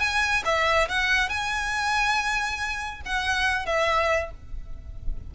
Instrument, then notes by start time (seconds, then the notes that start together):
violin
0.00 G#5
0.45 E5
0.89 F#5
1.29 G#5
3.05 F#5
3.66 E5